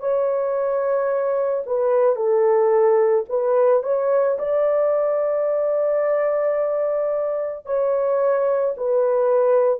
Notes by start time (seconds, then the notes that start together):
0.00 C#5
1.66 B4
2.16 A4
3.29 B4
3.83 C#5
4.38 D5
7.66 C#5
8.77 B4